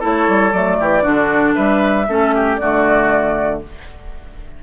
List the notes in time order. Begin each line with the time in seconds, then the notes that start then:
0.00 A3 E4 A4 C#5
0.29 G3
0.52 F#3 A3 D5
0.80 E3 G4
1.03 D3 D4 F#4
1.55 G3 B4 E5
2.09 A3 C#4 A4
2.35 G4
2.57 D3 A3 F#4 D5